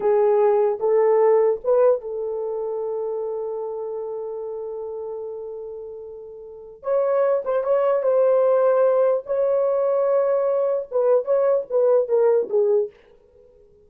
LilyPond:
\new Staff \with { instrumentName = "horn" } { \time 4/4 \tempo 4 = 149 gis'2 a'2 | b'4 a'2.~ | a'1~ | a'1~ |
a'4 cis''4. c''8 cis''4 | c''2. cis''4~ | cis''2. b'4 | cis''4 b'4 ais'4 gis'4 | }